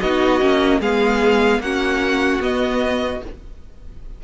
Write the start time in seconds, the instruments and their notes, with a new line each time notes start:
0.00 cello B3, viola D#4, violin F#4 D#5
0.40 cello A#3, viola C#4
0.80 cello G#3, viola B3, violin G#4 F5
1.59 cello A#3, viola C#4, violin F#4 F#5
2.41 viola B3, cello B3, violin D#5